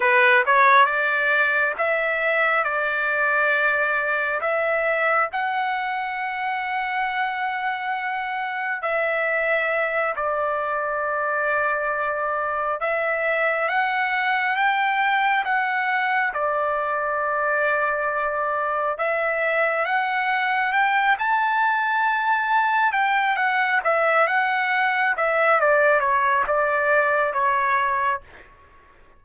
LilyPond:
\new Staff \with { instrumentName = "trumpet" } { \time 4/4 \tempo 4 = 68 b'8 cis''8 d''4 e''4 d''4~ | d''4 e''4 fis''2~ | fis''2 e''4. d''8~ | d''2~ d''8 e''4 fis''8~ |
fis''8 g''4 fis''4 d''4.~ | d''4. e''4 fis''4 g''8 | a''2 g''8 fis''8 e''8 fis''8~ | fis''8 e''8 d''8 cis''8 d''4 cis''4 | }